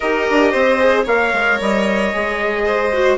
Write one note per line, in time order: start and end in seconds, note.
0.00 0.29 D#4
0.00 0.79 G4
0.00 0.51 A#4
0.00 1.03 D#5
0.30 0.54 D4
0.51 1.06 C4
0.51 1.03 C5
0.79 1.06 G#4
1.03 1.33 A#3
1.03 2.12 A#4
1.03 2.62 C#5
1.03 1.60 F5
1.33 1.59 G#3
1.60 2.13 G3
1.60 3.17 D#5
2.12 3.17 G#3
2.12 2.92 G#4
2.65 3.17 C5
2.93 3.17 F#4